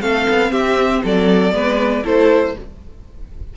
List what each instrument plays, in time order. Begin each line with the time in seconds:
0.00 cello A3, viola C4, violin A4 F5
0.30 cello B3
0.52 cello C4, violin G4 E5
1.04 cello F#3, violin A4 D5
1.52 cello G#3, viola B3, violin B4
2.04 cello A3, viola E4, violin A4 C5